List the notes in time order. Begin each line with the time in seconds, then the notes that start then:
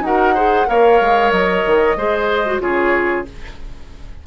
0.00 D#4 F#4 A#4 F#5
0.34 G#4 C5
0.66 A#3 A#4 C#5 F5
1.00 G#3
1.31 F#3 D#5
1.66 D#3
1.96 G#3 G#4 C5
2.46 F#4
2.60 C#3 F4 G#4 C#5